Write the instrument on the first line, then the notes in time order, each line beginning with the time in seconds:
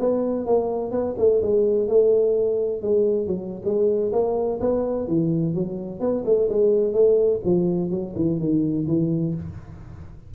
tuba
0.00 B3
0.46 A#3
0.92 B3
1.19 A3
1.42 G#3
1.88 A3
2.83 G#3
3.27 F#3
3.65 G#3
4.13 A#3
4.61 B3
5.08 E3
5.55 F#3
6.01 B3
6.26 A3
6.50 G#3
6.94 A3
7.45 F3
7.91 F#3
8.16 E3
8.40 D#3
8.88 E3